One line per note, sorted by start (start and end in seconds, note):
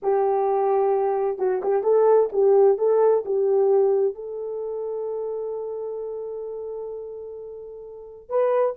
0.02 1.38 G4
1.38 1.61 F#4
1.62 1.83 G4
1.83 2.29 A4
2.32 2.78 G4
2.78 3.24 A4
3.25 4.14 G4
4.14 8.29 A4
8.29 8.75 B4